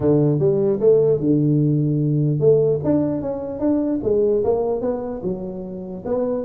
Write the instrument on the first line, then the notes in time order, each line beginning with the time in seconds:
tuba
0.00 D3
0.39 G3
0.80 A3
1.20 D3
2.39 A3
2.84 D4
3.21 C#4
3.59 D4
4.03 G#3
4.43 A#3
4.81 B3
5.23 F#3
6.05 B3